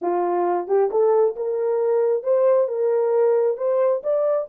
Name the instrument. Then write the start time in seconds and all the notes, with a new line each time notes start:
horn
0.01 F4
0.67 G4
0.90 A4
1.36 A#4
2.23 C5
2.68 A#4
3.57 C5
4.03 D5